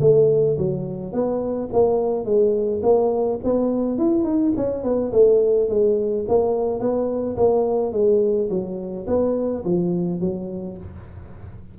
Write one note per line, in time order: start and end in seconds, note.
0.00 0.57 A3
0.57 1.12 F#3
1.12 1.69 B3
1.72 2.25 A#3
2.25 2.81 G#3
2.82 3.39 A#3
3.43 3.98 B3
3.98 4.24 E4
4.24 4.52 D#4
4.57 4.83 C#4
4.83 5.12 B3
5.12 5.69 A3
5.69 6.25 G#3
6.28 6.80 A#3
6.80 7.36 B3
7.37 7.92 A#3
7.92 8.49 G#3
8.50 9.06 F#3
9.07 9.64 B3
9.65 10.20 F3
10.20 10.76 F#3